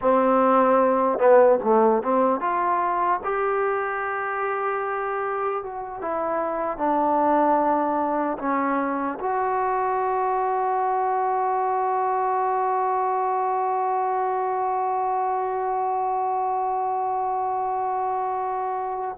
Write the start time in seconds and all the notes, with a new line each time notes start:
0.01 C4
1.19 B3
1.63 A3
2.02 C4
2.40 F4
3.24 G4
5.63 F#4
6.01 E4
6.77 D4
8.38 C#4
9.19 F#4